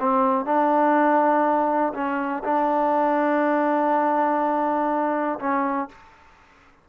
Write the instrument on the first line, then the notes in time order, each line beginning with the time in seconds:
trombone
0.00 C4
0.45 D4
1.94 C#4
2.44 D4
5.39 C#4